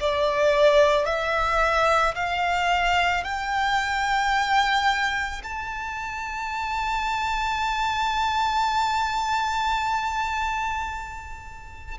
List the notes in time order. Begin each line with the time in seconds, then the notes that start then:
0.00 D5
1.05 E5
2.15 F5
3.23 G5
5.43 A5